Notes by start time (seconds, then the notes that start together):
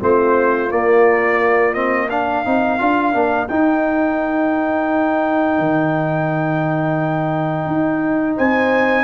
0.00 A3 C4 F4 C5
0.69 A#3 D5
1.74 C4 D#5
2.10 D4 A#4 F5
2.45 C4 D#4
2.79 D4 F4
3.13 A#3 D4
3.48 D#4 G5
5.59 D#3
7.67 D#4
8.36 C4 C5 G#5